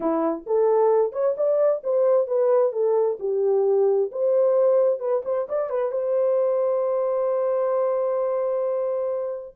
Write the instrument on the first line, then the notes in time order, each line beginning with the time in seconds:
horn
0.00 E4
0.46 A4
1.12 C#5
1.37 D5
1.83 C5
2.27 B4
2.72 A4
3.19 G4
4.11 C5
4.99 B4
5.24 C5
5.48 D5
5.69 B4
5.91 C5